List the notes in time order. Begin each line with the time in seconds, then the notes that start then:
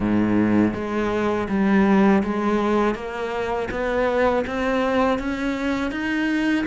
0.00 G#2
0.74 G#3
1.48 G3
2.23 G#3
2.95 A#3
3.70 B3
4.46 C4
5.19 C#4
5.91 D#4